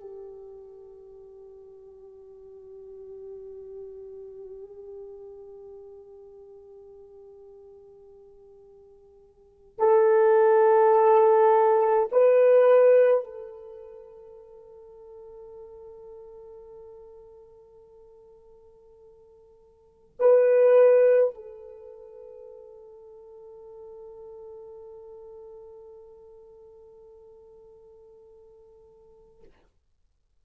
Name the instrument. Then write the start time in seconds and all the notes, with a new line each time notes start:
horn
0.00 G4
9.79 A4
12.12 B4
13.24 A4
20.20 B4
21.35 A4